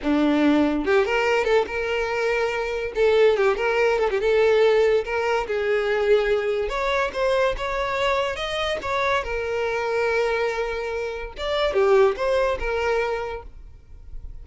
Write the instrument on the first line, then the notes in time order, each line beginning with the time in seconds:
violin
0.02 D4
0.85 G4
1.05 A#4
1.44 A4
1.66 A#4
2.95 A4
3.36 G4
3.57 A#4
3.99 A4
4.10 G4
4.20 A4
5.04 A#4
5.47 G#4
6.68 C#5
7.13 C5
7.57 C#5
8.36 D#5
8.81 C#5
9.23 A#4
11.37 D5
11.73 G4
12.16 C5
12.59 A#4